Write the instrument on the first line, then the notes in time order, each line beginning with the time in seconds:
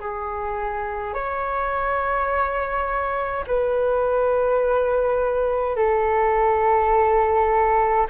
flute
0.00 G#4
1.14 C#5
3.47 B4
5.76 A4